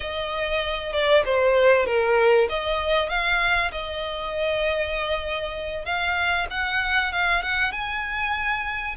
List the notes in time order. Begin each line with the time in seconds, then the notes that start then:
0.00 D#5
0.93 D5
1.25 C5
1.86 A#4
2.49 D#5
3.09 F5
3.71 D#5
5.85 F5
6.50 F#5
7.12 F5
7.42 F#5
7.72 G#5